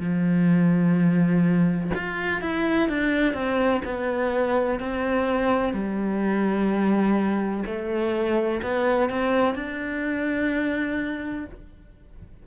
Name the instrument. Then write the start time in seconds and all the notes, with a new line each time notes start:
cello
0.00 F3
1.94 F4
2.41 E4
2.89 D4
3.34 C4
3.85 B3
4.79 C4
5.73 G3
7.66 A3
8.62 B3
9.10 C4
9.55 D4